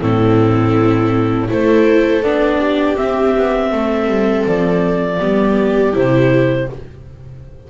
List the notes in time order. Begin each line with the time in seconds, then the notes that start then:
0.00 A2 C4 E4 A4
1.48 A3 E4 A4 C5
2.23 B3 D4 D5
2.59 G4
2.96 C4 E5
3.36 B3
3.72 A3 A4
4.07 G3
4.46 F3 D5
5.19 G3 B3 G4
5.93 C3 E4 C5